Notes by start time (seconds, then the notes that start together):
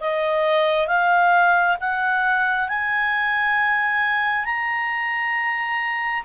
0.00 D#5
0.87 F5
1.80 F#5
2.68 G#5
4.45 A#5